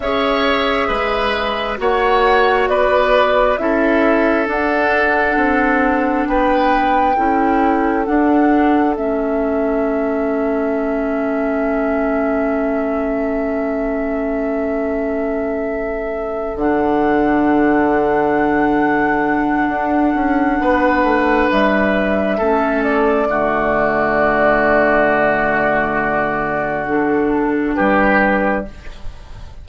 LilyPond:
<<
  \new Staff \with { instrumentName = "flute" } { \time 4/4 \tempo 4 = 67 e''2 fis''4 d''4 | e''4 fis''2 g''4~ | g''4 fis''4 e''2~ | e''1~ |
e''2~ e''8 fis''4.~ | fis''1 | e''4. d''2~ d''8~ | d''2 a'4 b'4 | }
  \new Staff \with { instrumentName = "oboe" } { \time 4/4 cis''4 b'4 cis''4 b'4 | a'2. b'4 | a'1~ | a'1~ |
a'1~ | a'2. b'4~ | b'4 a'4 fis'2~ | fis'2. g'4 | }
  \new Staff \with { instrumentName = "clarinet" } { \time 4/4 gis'2 fis'2 | e'4 d'2. | e'4 d'4 cis'2~ | cis'1~ |
cis'2~ cis'8 d'4.~ | d'1~ | d'4 cis'4 a2~ | a2 d'2 | }
  \new Staff \with { instrumentName = "bassoon" } { \time 4/4 cis'4 gis4 ais4 b4 | cis'4 d'4 c'4 b4 | cis'4 d'4 a2~ | a1~ |
a2~ a8 d4.~ | d2 d'8 cis'8 b8 a8 | g4 a4 d2~ | d2. g4 | }
>>